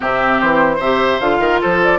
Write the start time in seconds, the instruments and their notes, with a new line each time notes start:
0.00 bassoon C3, clarinet C4, oboe G4, flute E5
0.40 bassoon E3, flute C5
0.76 bassoon C3, oboe C5, flute E5
0.83 clarinet G4
1.20 bassoon D3, clarinet F4, flute F5
1.39 bassoon D#3, oboe A#4
1.61 bassoon F3, oboe A4, flute C5
1.83 flute D5